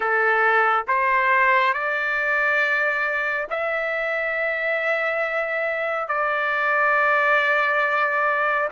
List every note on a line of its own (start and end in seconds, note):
0.00 0.84 A4
0.87 1.73 C5
1.73 3.47 D5
3.50 6.08 E5
6.08 8.68 D5